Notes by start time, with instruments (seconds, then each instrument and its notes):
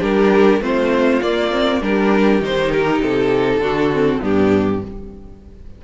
0.00 cello G3, viola D4, violin G4 A#4
0.61 cello A3, viola C4, violin F4 C5
1.22 viola A#3, cello A#3, violin D5
1.51 viola C4
1.81 cello G3, viola D4, violin G4 A#4
2.41 cello D#3, viola D#4, violin C5
2.72 violin A#4
3.02 cello C3, violin A4
3.59 cello D3, viola D4, violin F#4
3.93 viola C4
4.21 cello G2, viola B3, violin D4 G4